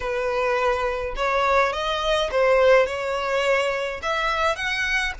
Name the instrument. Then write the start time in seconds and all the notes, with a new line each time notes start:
violin
0.00 B4
1.16 C#5
1.72 D#5
2.31 C5
2.86 C#5
4.02 E5
4.56 F#5